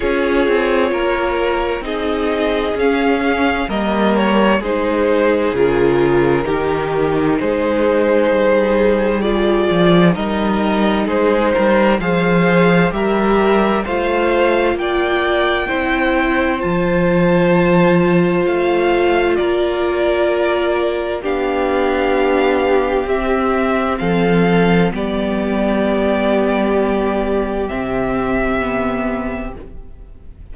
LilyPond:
<<
  \new Staff \with { instrumentName = "violin" } { \time 4/4 \tempo 4 = 65 cis''2 dis''4 f''4 | dis''8 cis''8 c''4 ais'2 | c''2 d''4 dis''4 | c''4 f''4 e''4 f''4 |
g''2 a''2 | f''4 d''2 f''4~ | f''4 e''4 f''4 d''4~ | d''2 e''2 | }
  \new Staff \with { instrumentName = "violin" } { \time 4/4 gis'4 ais'4 gis'2 | ais'4 gis'2 g'4 | gis'2. ais'4 | gis'8 ais'8 c''4 ais'4 c''4 |
d''4 c''2.~ | c''4 ais'2 g'4~ | g'2 a'4 g'4~ | g'1 | }
  \new Staff \with { instrumentName = "viola" } { \time 4/4 f'2 dis'4 cis'4 | ais4 dis'4 f'4 dis'4~ | dis'2 f'4 dis'4~ | dis'4 gis'4 g'4 f'4~ |
f'4 e'4 f'2~ | f'2. d'4~ | d'4 c'2 b4~ | b2 c'4 b4 | }
  \new Staff \with { instrumentName = "cello" } { \time 4/4 cis'8 c'8 ais4 c'4 cis'4 | g4 gis4 cis4 dis4 | gis4 g4. f8 g4 | gis8 g8 f4 g4 a4 |
ais4 c'4 f2 | a4 ais2 b4~ | b4 c'4 f4 g4~ | g2 c2 | }
>>